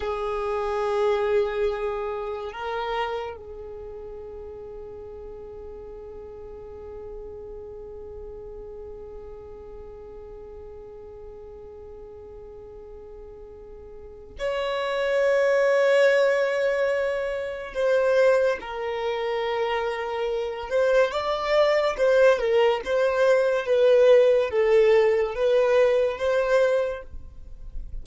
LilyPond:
\new Staff \with { instrumentName = "violin" } { \time 4/4 \tempo 4 = 71 gis'2. ais'4 | gis'1~ | gis'1~ | gis'1~ |
gis'4 cis''2.~ | cis''4 c''4 ais'2~ | ais'8 c''8 d''4 c''8 ais'8 c''4 | b'4 a'4 b'4 c''4 | }